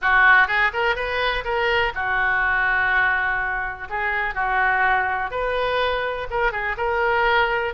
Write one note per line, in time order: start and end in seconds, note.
0.01 0.47 F#4
0.47 0.71 G#4
0.73 0.95 A#4
0.95 1.44 B4
1.44 1.92 A#4
1.94 3.88 F#4
3.89 4.34 G#4
4.34 5.30 F#4
5.30 6.27 B4
6.30 6.51 A#4
6.51 6.76 G#4
6.77 7.74 A#4